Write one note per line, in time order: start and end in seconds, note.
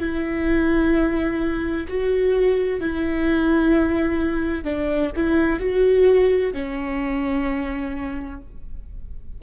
0.00 1.87 E4
1.88 2.81 F#4
2.81 4.64 E4
4.64 5.11 D4
5.16 5.60 E4
5.60 6.54 F#4
6.54 8.41 C#4